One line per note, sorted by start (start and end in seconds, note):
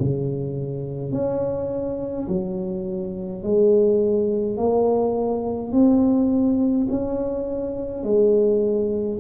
0.00 1.12 C#3
1.12 2.28 C#4
2.28 3.44 F#3
3.44 4.57 G#3
4.57 5.72 A#3
5.72 6.88 C4
6.90 8.04 C#4
8.04 9.19 G#3